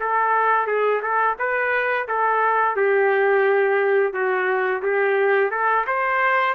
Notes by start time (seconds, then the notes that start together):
0.00 A4
0.67 G#4
1.02 A4
1.38 B4
2.08 A4
2.76 G4
4.13 F#4
4.82 G4
5.50 A4
5.87 C5